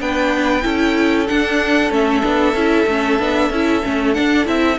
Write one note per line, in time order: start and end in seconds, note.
0.00 0.64 B3
0.00 0.62 D4
0.00 0.64 B4
0.00 1.27 G5
0.62 1.28 C#4
0.62 1.26 E4
0.62 4.78 A4
1.27 1.90 D4
1.27 1.91 F#5
1.90 2.22 A3
1.90 2.21 C#4
1.90 4.13 E5
2.21 2.54 B3
2.21 2.53 D4
2.54 2.86 C#4
2.54 2.88 E4
2.87 3.18 A3
2.87 3.19 C#4
3.18 3.50 B3
3.18 3.51 D4
3.50 3.82 C#4
3.50 3.82 E4
3.82 4.17 A3
3.82 4.14 C#4
4.13 4.45 D4
4.13 4.47 D4
4.13 4.45 F#5
4.45 4.78 C4
4.45 4.77 E4
4.45 4.78 E5